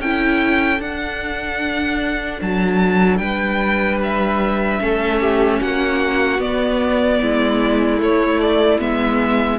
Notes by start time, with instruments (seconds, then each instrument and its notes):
0.00 cello C#4, viola E4, violin A4 G5
0.80 viola D4, cello D4, violin F#5
2.42 cello F#3, violin A5
3.18 cello G3, violin B4 G5
4.03 violin E5
4.80 cello A3, viola C#4, violin A4
5.21 violin G4
5.61 cello A#3, violin F#4 F#5
6.39 cello B3, viola B3, violin D5
7.21 cello G#3, violin E4
7.99 viola A3, cello A3, violin C#5
8.41 violin D5
8.79 cello G#3, viola B3, violin E5